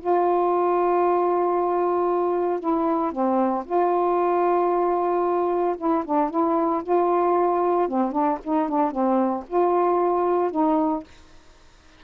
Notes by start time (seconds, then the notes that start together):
0.00 F4
2.60 E4
3.12 C4
3.65 F4
5.77 E4
6.05 D4
6.30 E4
6.83 F4
7.88 C4
8.12 D4
8.44 D#4
8.69 D4
8.91 C4
9.47 F4
10.51 D#4